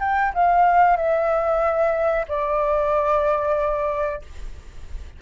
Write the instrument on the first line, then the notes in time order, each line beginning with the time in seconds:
flute
0.00 G5
0.34 F5
0.97 E5
2.28 D5